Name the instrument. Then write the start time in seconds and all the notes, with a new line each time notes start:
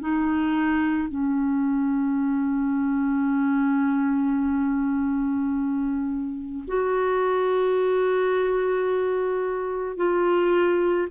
clarinet
0.00 D#4
1.09 C#4
6.67 F#4
9.96 F4